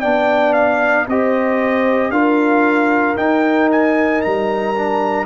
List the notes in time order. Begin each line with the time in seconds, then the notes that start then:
0.00 B3 D4 D5 G5
0.53 F5
1.07 C4 G4 C5 D#5
2.09 D4 F4 A#4 F5
3.16 D#4 G5
3.71 G#5
4.21 G3 A#5
4.75 D4